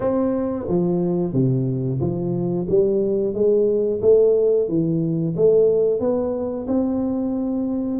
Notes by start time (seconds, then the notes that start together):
0.00 C4
0.68 F3
1.33 C3
2.00 F3
2.69 G3
3.34 G#3
4.01 A3
4.68 E3
5.36 A3
6.00 B3
6.67 C4